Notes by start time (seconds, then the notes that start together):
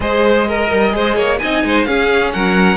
0.00 G#3 G#4 C5 D#5
0.47 A#4
0.71 G3
0.90 G#3 G#4 C5
1.16 A#3 C#5
1.39 C4 D#4 D#5 G#5
1.63 G#3 C5
1.84 C#4 G#4 F5
2.32 F#3 A#4 F#5